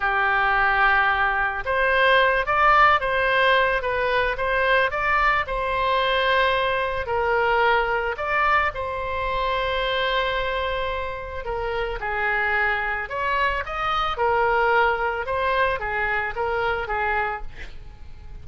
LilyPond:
\new Staff \with { instrumentName = "oboe" } { \time 4/4 \tempo 4 = 110 g'2. c''4~ | c''8 d''4 c''4. b'4 | c''4 d''4 c''2~ | c''4 ais'2 d''4 |
c''1~ | c''4 ais'4 gis'2 | cis''4 dis''4 ais'2 | c''4 gis'4 ais'4 gis'4 | }